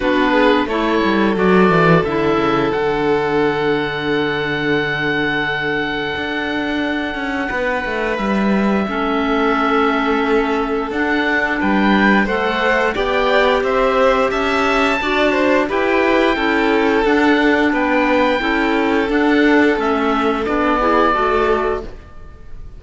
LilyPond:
<<
  \new Staff \with { instrumentName = "oboe" } { \time 4/4 \tempo 4 = 88 b'4 cis''4 d''4 e''4 | fis''1~ | fis''1 | e''1 |
fis''4 g''4 fis''4 g''4 | e''4 a''2 g''4~ | g''4 fis''4 g''2 | fis''4 e''4 d''2 | }
  \new Staff \with { instrumentName = "violin" } { \time 4/4 fis'8 gis'8 a'2.~ | a'1~ | a'2. b'4~ | b'4 a'2.~ |
a'4 b'4 c''4 d''4 | c''4 e''4 d''8 c''8 b'4 | a'2 b'4 a'4~ | a'2~ a'8 gis'8 a'4 | }
  \new Staff \with { instrumentName = "clarinet" } { \time 4/4 d'4 e'4 fis'4 e'4 | d'1~ | d'1~ | d'4 cis'2. |
d'2 a'4 g'4~ | g'2 fis'4 g'4 | e'4 d'2 e'4 | d'4 cis'4 d'8 e'8 fis'4 | }
  \new Staff \with { instrumentName = "cello" } { \time 4/4 b4 a8 g8 fis8 e8 d8 cis8 | d1~ | d4 d'4. cis'8 b8 a8 | g4 a2. |
d'4 g4 a4 b4 | c'4 cis'4 d'4 e'4 | cis'4 d'4 b4 cis'4 | d'4 a4 b4 a4 | }
>>